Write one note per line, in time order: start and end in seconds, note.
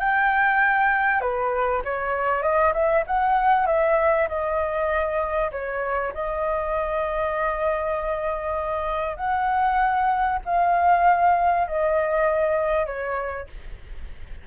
0.00 1.21 G5
1.21 1.82 B4
1.85 2.43 C#5
2.43 2.73 D#5
2.74 3.04 E5
3.07 3.67 F#5
3.67 4.28 E5
4.29 5.51 D#5
5.52 6.13 C#5
6.14 9.17 D#5
9.17 10.39 F#5
10.45 11.68 F5
11.68 12.86 D#5
12.86 13.47 C#5